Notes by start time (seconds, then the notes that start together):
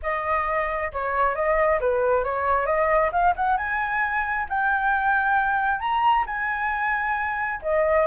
0.02 D#5
0.92 C#5
1.35 D#5
1.80 B4
2.24 C#5
2.66 D#5
3.12 F5
3.36 F#5
3.57 G#5
4.49 G5
5.80 A#5
6.26 G#5
7.61 D#5